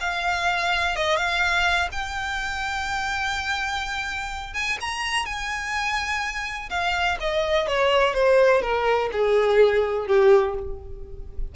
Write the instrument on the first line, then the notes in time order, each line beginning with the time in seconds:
violin
0.00 F5
0.96 D#5
1.16 F5
1.92 G5
4.54 G#5
4.80 A#5
5.25 G#5
6.70 F5
7.20 D#5
7.67 C#5
8.14 C5
8.62 A#4
9.12 G#4
10.07 G4